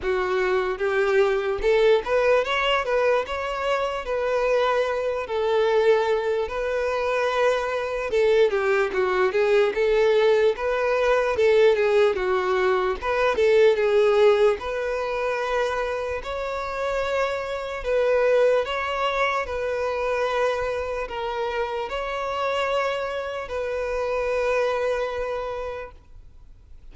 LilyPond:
\new Staff \with { instrumentName = "violin" } { \time 4/4 \tempo 4 = 74 fis'4 g'4 a'8 b'8 cis''8 b'8 | cis''4 b'4. a'4. | b'2 a'8 g'8 fis'8 gis'8 | a'4 b'4 a'8 gis'8 fis'4 |
b'8 a'8 gis'4 b'2 | cis''2 b'4 cis''4 | b'2 ais'4 cis''4~ | cis''4 b'2. | }